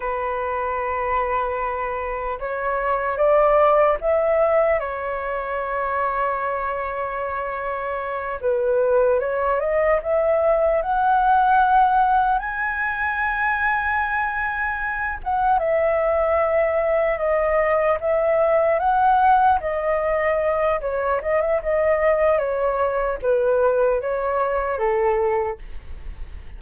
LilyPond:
\new Staff \with { instrumentName = "flute" } { \time 4/4 \tempo 4 = 75 b'2. cis''4 | d''4 e''4 cis''2~ | cis''2~ cis''8 b'4 cis''8 | dis''8 e''4 fis''2 gis''8~ |
gis''2. fis''8 e''8~ | e''4. dis''4 e''4 fis''8~ | fis''8 dis''4. cis''8 dis''16 e''16 dis''4 | cis''4 b'4 cis''4 a'4 | }